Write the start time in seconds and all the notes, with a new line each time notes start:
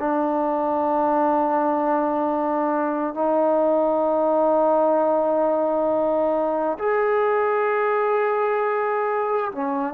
0.00 D4
3.14 D#4
6.79 G#4
9.52 C#4